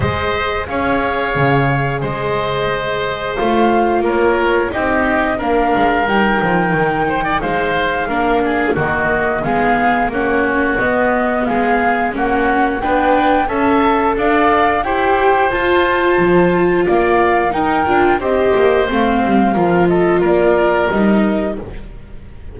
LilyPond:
<<
  \new Staff \with { instrumentName = "flute" } { \time 4/4 \tempo 4 = 89 dis''4 f''2 dis''4~ | dis''4 f''4 cis''4 dis''4 | f''4 g''2 f''4~ | f''4 dis''4 f''4 cis''4 |
dis''4 f''4 fis''4 g''4 | a''4 f''4 g''4 a''4~ | a''4 f''4 g''4 dis''4 | f''4. dis''8 d''4 dis''4 | }
  \new Staff \with { instrumentName = "oboe" } { \time 4/4 c''4 cis''2 c''4~ | c''2 ais'4 g'4 | ais'2~ ais'8 c''16 d''16 c''4 | ais'8 gis'8 fis'4 gis'4 fis'4~ |
fis'4 gis'4 fis'4 b'4 | e''4 d''4 c''2~ | c''4 d''4 ais'4 c''4~ | c''4 ais'8 a'8 ais'2 | }
  \new Staff \with { instrumentName = "viola" } { \time 4/4 gis'1~ | gis'4 f'2 dis'4 | d'4 dis'2. | d'4 ais4 b4 cis'4 |
b2 cis'4 d'4 | a'2 g'4 f'4~ | f'2 dis'8 f'8 g'4 | c'4 f'2 dis'4 | }
  \new Staff \with { instrumentName = "double bass" } { \time 4/4 gis4 cis'4 cis4 gis4~ | gis4 a4 ais4 c'4 | ais8 gis8 g8 f8 dis4 gis4 | ais4 dis4 gis4 ais4 |
b4 gis4 ais4 b4 | cis'4 d'4 e'4 f'4 | f4 ais4 dis'8 d'8 c'8 ais8 | a8 g8 f4 ais4 g4 | }
>>